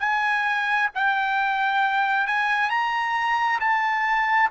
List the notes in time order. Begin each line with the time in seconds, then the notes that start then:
0.00 G#5
0.95 G5
2.27 G#5
2.70 A#5
3.60 A5